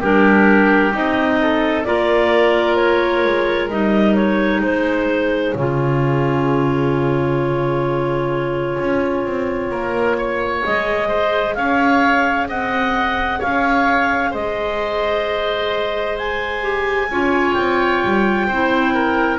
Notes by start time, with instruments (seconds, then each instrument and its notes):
0.00 double bass G3, clarinet D4 A#4, oboe G4
0.92 double bass C4, clarinet D#4 D#5
1.42 oboe A4
1.84 double bass A#3, clarinet F4 D5, oboe A#4
2.76 clarinet C#5
3.25 double bass G#3
3.70 double bass G3, clarinet D#4 D#5
4.15 clarinet C#5
4.61 double bass G#3, oboe G#4, clarinet C5
5.54 double bass C#3, clarinet F4 C#5
8.79 double bass C#4
9.25 double bass C4
9.70 double bass A#3, oboe A#4
10.18 oboe C#5
10.64 double bass G#3, clarinet G#4 D#5
11.08 oboe C5
11.55 double bass C#4, oboe C#5, clarinet F5
12.48 double bass C4, oboe D#5, clarinet F#5
13.39 double bass C#4, oboe C#5, clarinet F5
14.30 double bass G#3, oboe C5, clarinet D#5
16.18 clarinet G#5
16.61 clarinet G4
17.09 double bass C#4, clarinet F4, oboe C#5
17.53 double bass C4, clarinet G5
18.04 double bass G3
18.47 double bass C4, clarinet E4, oboe C5
18.94 oboe A#4